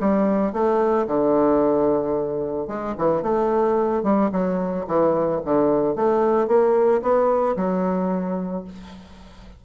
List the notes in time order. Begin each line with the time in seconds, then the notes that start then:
0.00 G3
0.53 A3
1.07 D3
2.68 G#3
2.98 E3
3.22 A3
4.03 G3
4.32 F#3
4.87 E3
5.44 D3
5.95 A3
6.47 A#3
7.02 B3
7.56 F#3